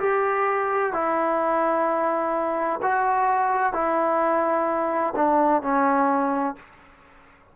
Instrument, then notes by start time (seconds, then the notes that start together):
trombone
0.00 G4
0.93 E4
2.83 F#4
3.74 E4
5.16 D4
5.62 C#4